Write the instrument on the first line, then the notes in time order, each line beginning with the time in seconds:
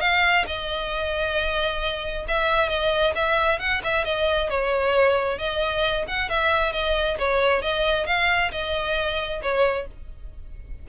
violin
0.00 F5
0.46 D#5
2.28 E5
2.69 D#5
3.15 E5
3.59 F#5
3.83 E5
4.05 D#5
4.49 C#5
5.38 D#5
6.07 F#5
6.29 E5
6.72 D#5
7.18 C#5
7.62 D#5
8.06 F5
8.51 D#5
9.42 C#5